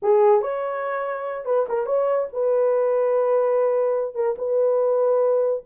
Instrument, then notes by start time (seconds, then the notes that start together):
horn
0.02 G#4
0.41 C#5
1.45 B4
1.68 A#4
1.86 C#5
2.32 B4
4.15 A#4
4.38 B4